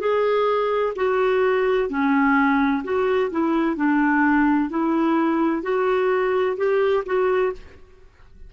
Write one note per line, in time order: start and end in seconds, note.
0.00 0.94 G#4
0.96 1.90 F#4
1.90 2.83 C#4
2.84 3.31 F#4
3.32 3.76 E4
3.76 4.70 D4
4.70 5.63 E4
5.63 6.57 F#4
6.57 7.04 G4
7.06 7.53 F#4